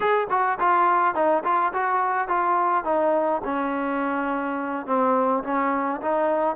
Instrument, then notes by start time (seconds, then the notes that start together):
trombone
0.00 G#4
0.30 F#4
0.59 F4
1.14 D#4
1.44 F4
1.73 F#4
2.28 F4
2.84 D#4
3.44 C#4
4.86 C4
5.43 C#4
6.01 D#4